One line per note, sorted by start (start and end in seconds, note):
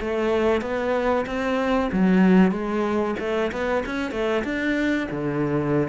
0.00 0.62 A3
0.62 1.25 B3
1.26 1.90 C4
1.92 2.51 F#3
2.51 3.15 G#3
3.19 3.51 A3
3.52 3.84 B3
3.86 4.11 C#4
4.11 4.43 A3
4.44 5.08 D4
5.11 5.88 D3